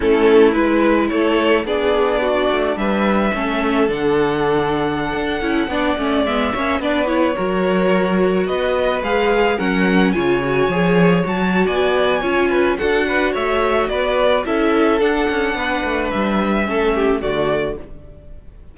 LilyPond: <<
  \new Staff \with { instrumentName = "violin" } { \time 4/4 \tempo 4 = 108 a'4 b'4 cis''4 d''4~ | d''4 e''2 fis''4~ | fis''2.~ fis''16 e''8.~ | e''16 d''8 cis''2~ cis''8 dis''8.~ |
dis''16 f''4 fis''4 gis''4.~ gis''16~ | gis''16 a''8. gis''2 fis''4 | e''4 d''4 e''4 fis''4~ | fis''4 e''2 d''4 | }
  \new Staff \with { instrumentName = "violin" } { \time 4/4 e'2 a'4 gis'4 | fis'4 b'4 a'2~ | a'2~ a'16 d''4. cis''16~ | cis''16 b'4 ais'2 b'8.~ |
b'4~ b'16 ais'4 cis''4.~ cis''16~ | cis''4 d''4 cis''8 b'8 a'8 b'8 | cis''4 b'4 a'2 | b'2 a'8 g'8 fis'4 | }
  \new Staff \with { instrumentName = "viola" } { \time 4/4 cis'4 e'2 d'4~ | d'2 cis'4 d'4~ | d'4.~ d'16 e'8 d'8 cis'8 b8 cis'16~ | cis'16 d'8 e'8 fis'2~ fis'8.~ |
fis'16 gis'4 cis'4 f'8 fis'8 gis'8.~ | gis'16 fis'4.~ fis'16 f'4 fis'4~ | fis'2 e'4 d'4~ | d'2 cis'4 a4 | }
  \new Staff \with { instrumentName = "cello" } { \time 4/4 a4 gis4 a4 b4~ | b8 a8 g4 a4 d4~ | d4~ d16 d'8 cis'8 b8 a8 gis8 ais16~ | ais16 b4 fis2 b8.~ |
b16 gis4 fis4 cis4 f8.~ | f16 fis8. b4 cis'4 d'4 | a4 b4 cis'4 d'8 cis'8 | b8 a8 g4 a4 d4 | }
>>